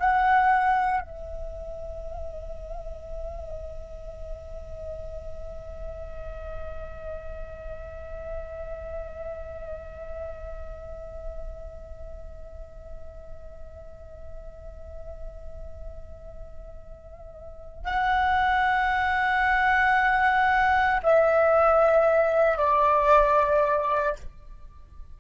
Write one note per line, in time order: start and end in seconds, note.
0.00 1.01 F#5
1.01 17.85 E5
17.85 21.01 F#5
21.03 22.58 E5
22.58 24.16 D5